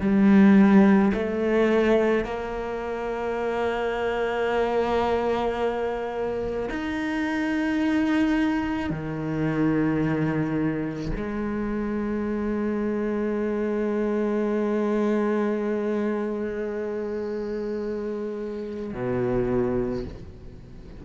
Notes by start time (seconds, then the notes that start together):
0.00 G3
1.13 A3
2.24 A#3
6.69 D#4
8.89 D#3
11.16 G#3
18.93 B2